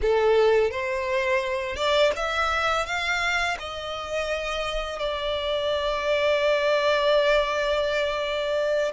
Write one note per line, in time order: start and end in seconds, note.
0.01 0.70 A4
0.70 1.76 C5
1.76 2.11 D5
2.16 2.86 E5
2.86 3.57 F5
3.59 4.99 D#5
4.99 8.92 D5